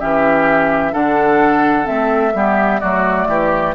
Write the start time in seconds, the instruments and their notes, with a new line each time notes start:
0.00 bassoon E3, clarinet C#4, oboe G4, flute E5
0.93 bassoon D3, clarinet D4, oboe A4, flute F#5
1.85 bassoon A3, clarinet C4, flute E5
2.34 bassoon G3, clarinet B3, oboe G4
2.80 bassoon F#3, clarinet A3, oboe F#4, flute D5
3.28 bassoon E3, oboe G4